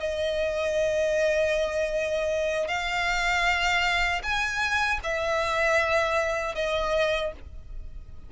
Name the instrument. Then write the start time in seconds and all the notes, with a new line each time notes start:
violin
0.00 D#5
2.68 F5
4.23 G#5
5.03 E5
6.55 D#5